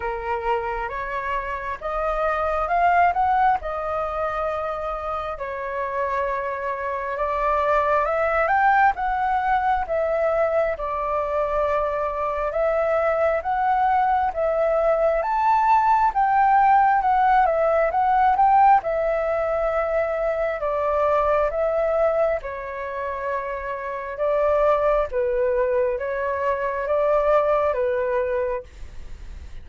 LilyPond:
\new Staff \with { instrumentName = "flute" } { \time 4/4 \tempo 4 = 67 ais'4 cis''4 dis''4 f''8 fis''8 | dis''2 cis''2 | d''4 e''8 g''8 fis''4 e''4 | d''2 e''4 fis''4 |
e''4 a''4 g''4 fis''8 e''8 | fis''8 g''8 e''2 d''4 | e''4 cis''2 d''4 | b'4 cis''4 d''4 b'4 | }